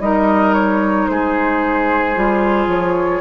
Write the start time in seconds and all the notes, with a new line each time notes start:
0.00 G3 D#4 A#4 D#5
0.54 C#5
1.08 G#3 G#4 C5
2.16 G3 F4
2.67 F3 C#5